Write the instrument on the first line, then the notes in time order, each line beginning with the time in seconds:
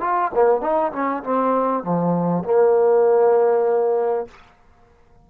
trombone
0.00 F4
0.34 A#3
0.61 D#4
0.92 C#4
1.23 C4
1.83 F3
2.44 A#3